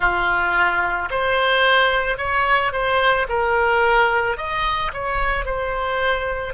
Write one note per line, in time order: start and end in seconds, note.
0.00 1.09 F4
1.10 2.17 C5
2.17 2.72 C#5
2.72 3.26 C5
3.28 4.37 A#4
4.37 4.91 D#5
4.93 5.45 C#5
5.45 6.54 C5